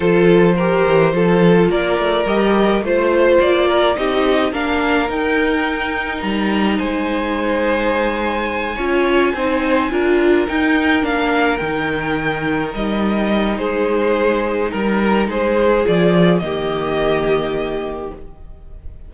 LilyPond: <<
  \new Staff \with { instrumentName = "violin" } { \time 4/4 \tempo 4 = 106 c''2. d''4 | dis''4 c''4 d''4 dis''4 | f''4 g''2 ais''4 | gis''1~ |
gis''2~ gis''8 g''4 f''8~ | f''8 g''2 dis''4. | c''2 ais'4 c''4 | d''4 dis''2. | }
  \new Staff \with { instrumentName = "violin" } { \time 4/4 a'4 ais'4 a'4 ais'4~ | ais'4 c''4. ais'8 g'4 | ais'1 | c''2.~ c''8 cis''8~ |
cis''8 c''4 ais'2~ ais'8~ | ais'1 | gis'2 ais'4 gis'4~ | gis'4 g'2. | }
  \new Staff \with { instrumentName = "viola" } { \time 4/4 f'4 g'4 f'2 | g'4 f'2 dis'4 | d'4 dis'2.~ | dis'2.~ dis'8 f'8~ |
f'8 dis'4 f'4 dis'4 d'8~ | d'8 dis'2.~ dis'8~ | dis'1 | f'4 ais2. | }
  \new Staff \with { instrumentName = "cello" } { \time 4/4 f4. e8 f4 ais8 a8 | g4 a4 ais4 c'4 | ais4 dis'2 g4 | gis2.~ gis8 cis'8~ |
cis'8 c'4 d'4 dis'4 ais8~ | ais8 dis2 g4. | gis2 g4 gis4 | f4 dis2. | }
>>